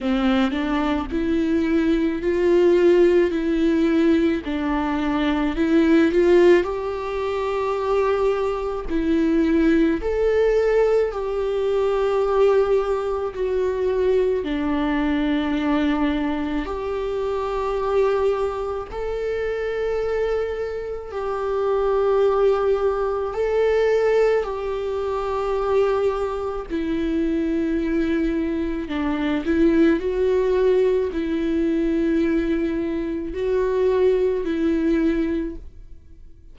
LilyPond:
\new Staff \with { instrumentName = "viola" } { \time 4/4 \tempo 4 = 54 c'8 d'8 e'4 f'4 e'4 | d'4 e'8 f'8 g'2 | e'4 a'4 g'2 | fis'4 d'2 g'4~ |
g'4 a'2 g'4~ | g'4 a'4 g'2 | e'2 d'8 e'8 fis'4 | e'2 fis'4 e'4 | }